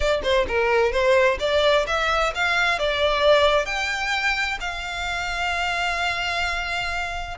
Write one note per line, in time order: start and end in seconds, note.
0.00 0.21 D5
0.23 0.46 C5
0.47 0.92 A#4
0.92 1.38 C5
1.39 1.85 D5
1.87 2.33 E5
2.34 2.78 F5
2.78 3.65 D5
3.65 4.58 G5
4.60 7.37 F5